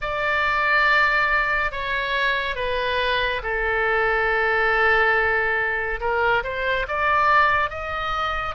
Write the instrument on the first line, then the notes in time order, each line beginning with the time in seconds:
oboe
0.01 D5
1.71 C#5
2.55 B4
3.42 A4
6.00 A#4
6.43 C5
6.88 D5
7.69 D#5